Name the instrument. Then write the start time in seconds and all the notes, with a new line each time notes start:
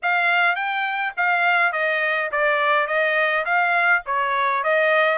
trumpet
0.02 F5
0.55 G5
1.17 F5
1.72 D#5
2.31 D5
2.87 D#5
3.45 F5
4.06 C#5
4.63 D#5